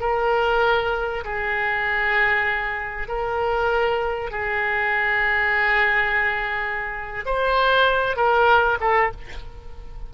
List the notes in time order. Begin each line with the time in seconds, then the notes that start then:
0.00 A#4
1.24 G#4
3.08 A#4
4.31 G#4
7.25 C5
8.16 A#4
8.80 A4